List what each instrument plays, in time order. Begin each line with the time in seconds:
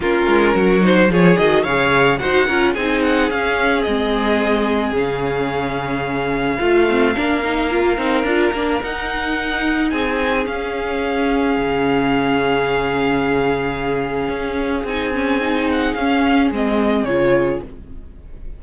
0.00 cello A#3, viola C#4, violin F4 A#4
0.26 cello G#3
0.54 cello F#3, violin F#4
0.81 viola D#4, violin C5
1.08 cello F3, viola F4, violin G#4 C#5
1.37 cello D#3, viola F#4, violin D#5
1.63 cello C#3, viola G#4, violin C#5 F5
2.18 cello D#4, viola F#4, violin C5 F#5
2.46 cello C#4, viola F4, violin A#4
2.74 cello C4, viola D#4, violin G#4 G#5
3.02 violin F#5
3.30 cello C#4, viola C#4, violin F5
3.82 cello G#3, viola C4, violin D#5
4.91 cello C#3, viola C#4, violin F5
6.59 cello A3, viola F4, violin F4
6.89 viola C4
7.14 cello A#3, viola D4, violin A#4
7.43 viola D#4
7.70 viola F4
7.97 cello C4, viola D#4
8.23 cello D4, viola F4
8.52 cello A#3, viola D4
8.82 cello D#4, viola D#4, violin F#5
9.90 cello C4, violin G#4 G#5
10.44 viola C#4, cello C#4, violin F5
11.56 cello C#3
14.28 cello C#4
14.84 cello C4, viola D#4, violin G#5
15.13 viola C#4
15.40 viola D#4
15.71 violin F#5
15.94 cello C#4, viola C#4, violin F5
16.51 cello G#3, viola C4, violin D#5
17.04 cello C#3, viola F4, violin C#5